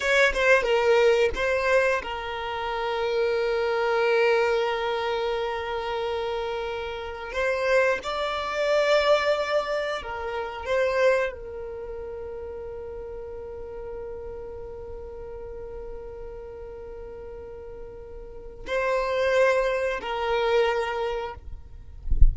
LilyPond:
\new Staff \with { instrumentName = "violin" } { \time 4/4 \tempo 4 = 90 cis''8 c''8 ais'4 c''4 ais'4~ | ais'1~ | ais'2. c''4 | d''2. ais'4 |
c''4 ais'2.~ | ais'1~ | ais'1 | c''2 ais'2 | }